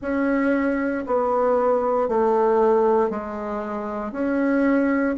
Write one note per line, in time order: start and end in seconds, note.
0.01 1.04 C#4
1.06 2.08 B3
2.08 3.10 A3
3.10 4.11 G#3
4.11 5.15 C#4